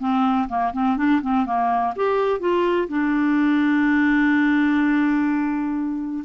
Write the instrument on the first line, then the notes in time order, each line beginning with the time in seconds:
clarinet
0.00 C4
0.49 A#3
0.73 C4
0.97 D4
1.22 C4
1.46 A#3
1.96 G4
2.40 F4
2.88 D4